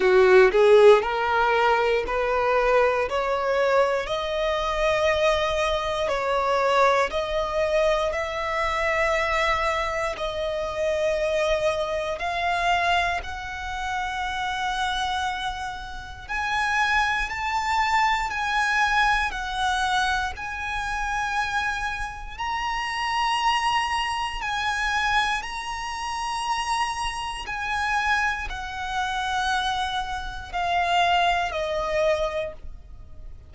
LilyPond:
\new Staff \with { instrumentName = "violin" } { \time 4/4 \tempo 4 = 59 fis'8 gis'8 ais'4 b'4 cis''4 | dis''2 cis''4 dis''4 | e''2 dis''2 | f''4 fis''2. |
gis''4 a''4 gis''4 fis''4 | gis''2 ais''2 | gis''4 ais''2 gis''4 | fis''2 f''4 dis''4 | }